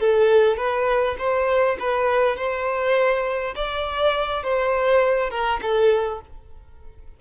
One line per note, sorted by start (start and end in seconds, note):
0.00 0.57 A4
0.57 1.16 B4
1.18 1.77 C5
1.80 2.37 B4
2.37 3.55 C5
3.56 4.43 D5
4.43 5.30 C5
5.30 5.60 A#4
5.62 6.21 A4